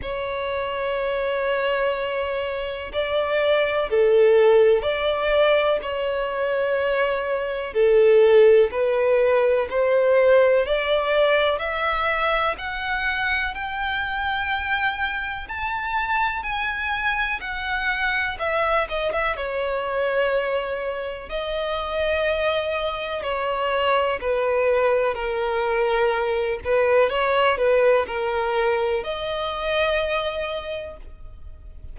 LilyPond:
\new Staff \with { instrumentName = "violin" } { \time 4/4 \tempo 4 = 62 cis''2. d''4 | a'4 d''4 cis''2 | a'4 b'4 c''4 d''4 | e''4 fis''4 g''2 |
a''4 gis''4 fis''4 e''8 dis''16 e''16 | cis''2 dis''2 | cis''4 b'4 ais'4. b'8 | cis''8 b'8 ais'4 dis''2 | }